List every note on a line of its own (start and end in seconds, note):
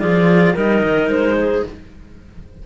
0.00 0.55 F3
0.00 0.55 F4
0.00 0.55 G#4
0.00 0.55 D5
0.55 0.83 G3
0.55 1.65 D#4
0.55 1.36 A#4
0.55 1.10 D#5
0.83 1.09 D#3
1.09 1.63 G#3
1.09 1.64 C5
1.39 1.66 G#4